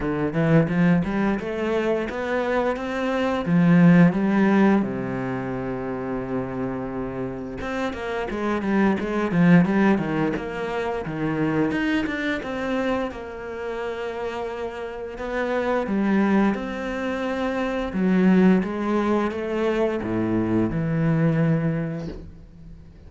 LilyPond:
\new Staff \with { instrumentName = "cello" } { \time 4/4 \tempo 4 = 87 d8 e8 f8 g8 a4 b4 | c'4 f4 g4 c4~ | c2. c'8 ais8 | gis8 g8 gis8 f8 g8 dis8 ais4 |
dis4 dis'8 d'8 c'4 ais4~ | ais2 b4 g4 | c'2 fis4 gis4 | a4 a,4 e2 | }